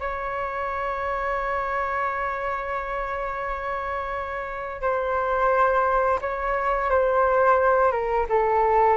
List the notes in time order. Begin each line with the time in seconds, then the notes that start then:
0.00 C#5
4.82 C5
6.21 C#5
6.90 C5
7.92 A#4
8.29 A4